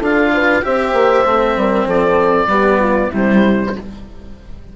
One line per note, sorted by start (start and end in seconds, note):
0.00 0.63 D4
0.00 0.63 F4
0.00 0.31 A4
0.00 0.65 F5
0.34 0.65 B4
0.63 0.93 C4
0.63 1.25 G4
0.63 1.59 C5
0.63 1.89 E5
0.93 1.24 A#3
1.25 1.57 A3
1.25 2.48 C4
1.57 1.86 G3
1.57 1.87 A#4
1.86 2.47 F3
1.86 2.48 A4
1.86 3.13 D5
2.47 3.09 G3
2.47 3.11 B3
2.47 2.80 G4
2.80 3.09 F4
3.09 3.73 C3
3.09 3.76 G3
3.09 3.71 E4
3.09 3.77 C5